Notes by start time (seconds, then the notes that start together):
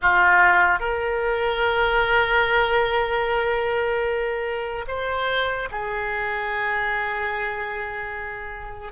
0.01 F4
0.79 A#4
4.87 C5
5.71 G#4